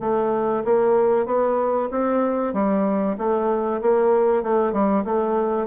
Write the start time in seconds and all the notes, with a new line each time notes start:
0.00 A3
0.64 A#3
1.25 B3
1.91 C4
2.53 G3
3.18 A3
3.81 A#3
4.43 A3
4.72 G3
5.04 A3